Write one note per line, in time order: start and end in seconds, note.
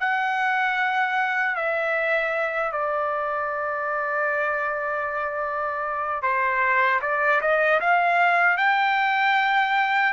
0.00 1.55 F#5
1.55 2.72 E5
2.72 6.22 D5
6.22 7.00 C5
7.02 7.41 D5
7.41 7.80 D#5
7.80 8.57 F5
8.57 10.13 G5